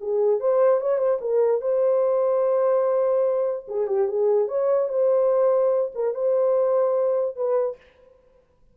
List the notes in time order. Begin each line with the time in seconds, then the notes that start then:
0.00 G#4
0.40 C5
0.81 C#5
0.98 C5
1.21 A#4
1.61 C5
3.68 G#4
3.87 G4
4.08 G#4
4.48 C#5
4.89 C5
5.95 A#4
6.14 C5
7.36 B4